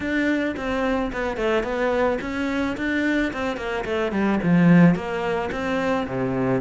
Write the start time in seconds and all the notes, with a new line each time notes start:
0.00 D4
0.56 C4
1.12 B3
1.36 A3
1.63 B3
2.21 C#4
2.77 D4
3.33 C4
3.57 A#3
3.84 A3
4.11 G3
4.43 F3
4.95 A#3
5.51 C4
6.07 C3